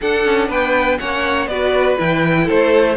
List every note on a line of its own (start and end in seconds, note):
0.01 0.99 D4
0.01 0.25 D4
0.01 0.48 A4
0.01 0.50 F#5
0.25 0.48 C#4
0.48 0.98 B3
0.48 0.98 B4
0.48 0.98 G5
0.98 1.46 A#3
0.98 1.48 C#4
0.98 1.49 C#5
0.98 1.47 F#5
1.46 1.96 B3
1.46 1.97 F#4
1.46 2.44 B4
1.46 1.96 D5
1.97 2.49 E3
1.97 2.96 E4
1.97 2.48 G5
2.44 2.96 A3
2.44 2.94 A4
2.44 2.96 C5